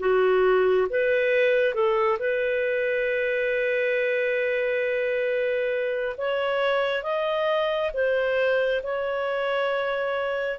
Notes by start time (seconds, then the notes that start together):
0.00 F#4
0.90 B4
1.75 A4
2.20 B4
6.18 C#5
7.03 D#5
7.94 C5
8.84 C#5